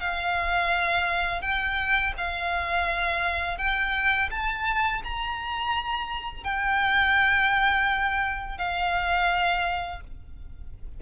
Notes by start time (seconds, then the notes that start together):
0.00 F5
1.41 G5
2.17 F5
3.58 G5
4.31 A5
5.04 A#5
6.44 G5
8.57 F5